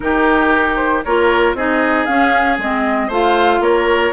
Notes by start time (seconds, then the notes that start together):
0.00 D#3 D#4 G4 A#4
0.75 C5
1.04 A#3 F4 A#4 C#5
1.53 C4 D#4 G#4 D#5
2.05 C#4 F5
2.58 G#3 C4 D#5
3.07 A3 F4 C5 F5
3.60 A#3 A#4 C#5